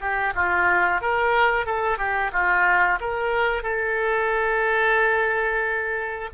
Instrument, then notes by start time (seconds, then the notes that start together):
oboe
0.00 G4
0.35 F4
1.01 A#4
1.66 A4
1.98 G4
2.32 F4
3.00 A#4
3.62 A4